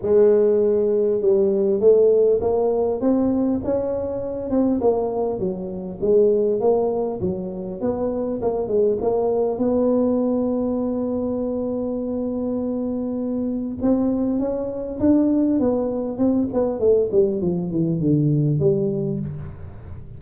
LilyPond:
\new Staff \with { instrumentName = "tuba" } { \time 4/4 \tempo 4 = 100 gis2 g4 a4 | ais4 c'4 cis'4. c'8 | ais4 fis4 gis4 ais4 | fis4 b4 ais8 gis8 ais4 |
b1~ | b2. c'4 | cis'4 d'4 b4 c'8 b8 | a8 g8 f8 e8 d4 g4 | }